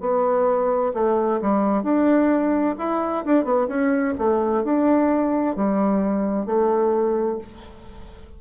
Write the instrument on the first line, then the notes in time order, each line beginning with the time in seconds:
bassoon
0.00 B3
0.94 A3
1.41 G3
1.83 D4
2.78 E4
3.24 D4
3.44 B3
3.68 C#4
4.18 A3
4.63 D4
5.56 G3
6.45 A3